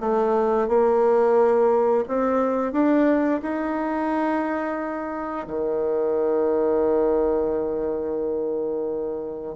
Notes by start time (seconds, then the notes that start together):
0.00 A3
0.68 A#3
2.08 C4
2.72 D4
3.42 D#4
5.47 D#3